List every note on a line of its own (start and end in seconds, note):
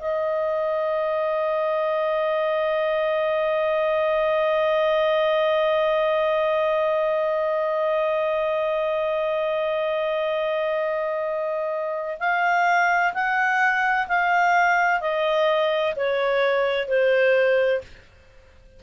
0.00 12.19 D#5
12.20 13.13 F5
13.14 14.08 F#5
14.08 15.01 F5
15.01 15.95 D#5
15.96 16.88 C#5
16.88 17.82 C5